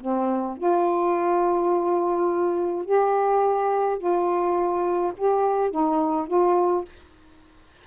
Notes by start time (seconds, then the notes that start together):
0.00 C4
0.57 F4
2.85 G4
3.98 F4
5.17 G4
5.70 D#4
6.27 F4